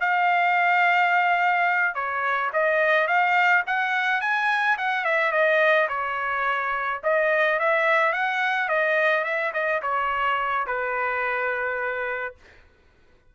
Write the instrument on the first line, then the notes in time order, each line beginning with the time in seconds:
trumpet
0.00 F5
1.94 C#5
2.53 D#5
3.07 F5
3.67 F#5
4.21 G#5
4.78 F#5
5.04 E5
5.32 D#5
5.89 C#5
7.03 D#5
7.59 E5
8.12 F#5
8.68 D#5
9.24 E5
9.53 D#5
9.82 C#5
10.67 B4